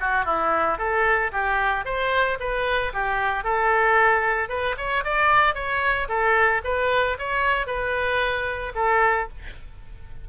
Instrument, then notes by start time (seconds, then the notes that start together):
oboe
0.00 F#4
0.25 E4
0.78 A4
1.32 G4
1.85 C5
2.40 B4
2.93 G4
3.44 A4
4.49 B4
4.77 C#5
5.04 D5
5.54 C#5
6.08 A4
6.64 B4
7.19 C#5
7.67 B4
8.75 A4